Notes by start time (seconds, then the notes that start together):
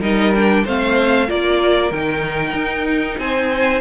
0.00 G3 D#4 A#4 D#5
0.34 D4 G5
0.64 A3 C4 C5 F5
1.27 A#3 F4 A#4 D5
1.91 D#3 D#4 G5
2.53 D#4
3.18 C4 C5 G#5